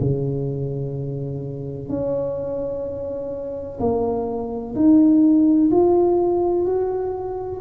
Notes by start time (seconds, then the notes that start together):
0.00 C#3
1.89 C#4
3.80 A#3
4.75 D#4
5.71 F4
6.65 F#4